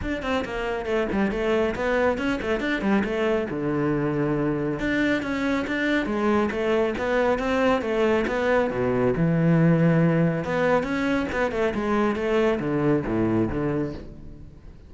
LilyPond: \new Staff \with { instrumentName = "cello" } { \time 4/4 \tempo 4 = 138 d'8 c'8 ais4 a8 g8 a4 | b4 cis'8 a8 d'8 g8 a4 | d2. d'4 | cis'4 d'4 gis4 a4 |
b4 c'4 a4 b4 | b,4 e2. | b4 cis'4 b8 a8 gis4 | a4 d4 a,4 d4 | }